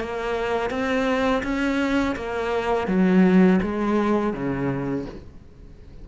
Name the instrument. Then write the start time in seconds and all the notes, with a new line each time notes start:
cello
0.00 A#3
0.70 C4
1.43 C#4
2.16 A#3
2.88 F#3
3.62 G#3
4.33 C#3